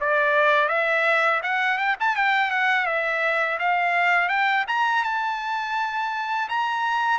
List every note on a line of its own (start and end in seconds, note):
0.00 0.68 D5
0.68 1.40 E5
1.42 1.77 F#5
1.77 1.96 G5
1.99 2.16 A5
2.16 2.50 G5
2.50 2.86 F#5
2.86 3.58 E5
3.58 4.28 F5
4.28 4.64 G5
4.67 5.03 A#5
5.03 6.48 A5
6.48 7.18 A#5